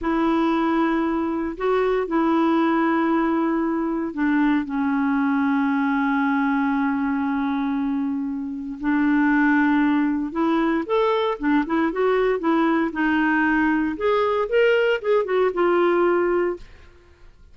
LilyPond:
\new Staff \with { instrumentName = "clarinet" } { \time 4/4 \tempo 4 = 116 e'2. fis'4 | e'1 | d'4 cis'2.~ | cis'1~ |
cis'4 d'2. | e'4 a'4 d'8 e'8 fis'4 | e'4 dis'2 gis'4 | ais'4 gis'8 fis'8 f'2 | }